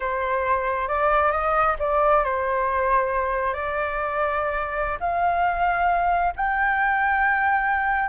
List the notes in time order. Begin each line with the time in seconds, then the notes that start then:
0.00 C5
0.88 D5
1.31 D#5
1.79 D5
2.23 C5
3.53 D5
5.00 F5
6.36 G5